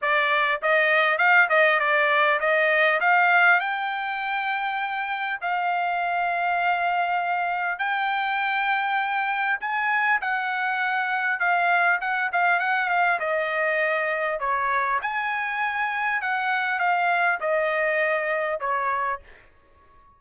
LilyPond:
\new Staff \with { instrumentName = "trumpet" } { \time 4/4 \tempo 4 = 100 d''4 dis''4 f''8 dis''8 d''4 | dis''4 f''4 g''2~ | g''4 f''2.~ | f''4 g''2. |
gis''4 fis''2 f''4 | fis''8 f''8 fis''8 f''8 dis''2 | cis''4 gis''2 fis''4 | f''4 dis''2 cis''4 | }